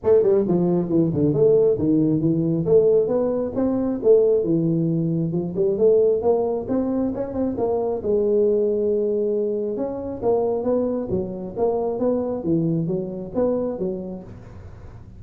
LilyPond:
\new Staff \with { instrumentName = "tuba" } { \time 4/4 \tempo 4 = 135 a8 g8 f4 e8 d8 a4 | dis4 e4 a4 b4 | c'4 a4 e2 | f8 g8 a4 ais4 c'4 |
cis'8 c'8 ais4 gis2~ | gis2 cis'4 ais4 | b4 fis4 ais4 b4 | e4 fis4 b4 fis4 | }